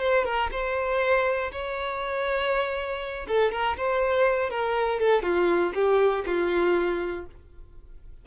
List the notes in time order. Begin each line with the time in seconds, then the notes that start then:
0.00 C5
0.25 A#4
0.52 C5
1.52 C#5
3.28 A4
3.52 A#4
3.78 C5
4.51 A#4
5.00 A4
5.23 F4
5.75 G4
6.26 F4